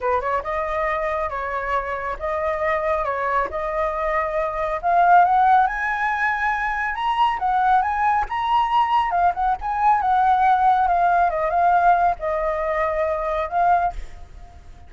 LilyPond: \new Staff \with { instrumentName = "flute" } { \time 4/4 \tempo 4 = 138 b'8 cis''8 dis''2 cis''4~ | cis''4 dis''2 cis''4 | dis''2. f''4 | fis''4 gis''2. |
ais''4 fis''4 gis''4 ais''4~ | ais''4 f''8 fis''8 gis''4 fis''4~ | fis''4 f''4 dis''8 f''4. | dis''2. f''4 | }